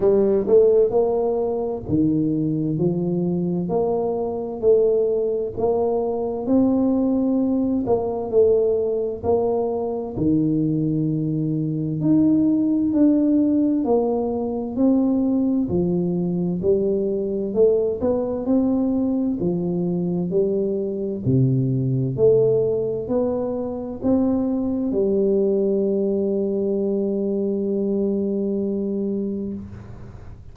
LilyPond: \new Staff \with { instrumentName = "tuba" } { \time 4/4 \tempo 4 = 65 g8 a8 ais4 dis4 f4 | ais4 a4 ais4 c'4~ | c'8 ais8 a4 ais4 dis4~ | dis4 dis'4 d'4 ais4 |
c'4 f4 g4 a8 b8 | c'4 f4 g4 c4 | a4 b4 c'4 g4~ | g1 | }